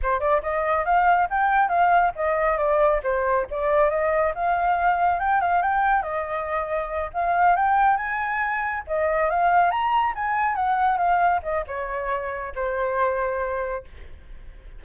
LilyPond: \new Staff \with { instrumentName = "flute" } { \time 4/4 \tempo 4 = 139 c''8 d''8 dis''4 f''4 g''4 | f''4 dis''4 d''4 c''4 | d''4 dis''4 f''2 | g''8 f''8 g''4 dis''2~ |
dis''8 f''4 g''4 gis''4.~ | gis''8 dis''4 f''4 ais''4 gis''8~ | gis''8 fis''4 f''4 dis''8 cis''4~ | cis''4 c''2. | }